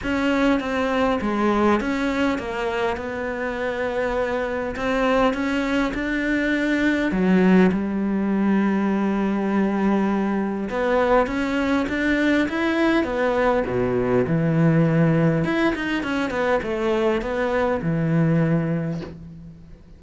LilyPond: \new Staff \with { instrumentName = "cello" } { \time 4/4 \tempo 4 = 101 cis'4 c'4 gis4 cis'4 | ais4 b2. | c'4 cis'4 d'2 | fis4 g2.~ |
g2 b4 cis'4 | d'4 e'4 b4 b,4 | e2 e'8 dis'8 cis'8 b8 | a4 b4 e2 | }